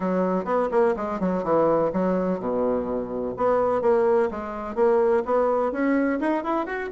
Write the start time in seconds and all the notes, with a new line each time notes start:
0.00 F#3
0.45 B3
0.71 A#3
0.96 G#3
1.20 F#3
1.43 E3
1.93 F#3
2.39 B2
3.36 B3
3.81 A#3
4.31 G#3
4.75 A#3
5.25 B3
5.72 C#4
6.19 D#4
6.43 E4
6.66 F#4